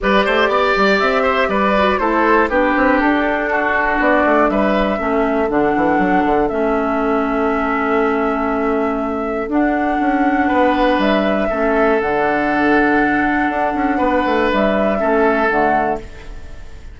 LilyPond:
<<
  \new Staff \with { instrumentName = "flute" } { \time 4/4 \tempo 4 = 120 d''2 e''4 d''4 | c''4 b'4 a'2 | d''4 e''2 fis''4~ | fis''4 e''2.~ |
e''2. fis''4~ | fis''2 e''2 | fis''1~ | fis''4 e''2 fis''4 | }
  \new Staff \with { instrumentName = "oboe" } { \time 4/4 b'8 c''8 d''4. c''8 b'4 | a'4 g'2 fis'4~ | fis'4 b'4 a'2~ | a'1~ |
a'1~ | a'4 b'2 a'4~ | a'1 | b'2 a'2 | }
  \new Staff \with { instrumentName = "clarinet" } { \time 4/4 g'2.~ g'8 fis'8 | e'4 d'2.~ | d'2 cis'4 d'4~ | d'4 cis'2.~ |
cis'2. d'4~ | d'2. cis'4 | d'1~ | d'2 cis'4 a4 | }
  \new Staff \with { instrumentName = "bassoon" } { \time 4/4 g8 a8 b8 g8 c'4 g4 | a4 b8 c'8 d'2 | b8 a8 g4 a4 d8 e8 | fis8 d8 a2.~ |
a2. d'4 | cis'4 b4 g4 a4 | d2. d'8 cis'8 | b8 a8 g4 a4 d4 | }
>>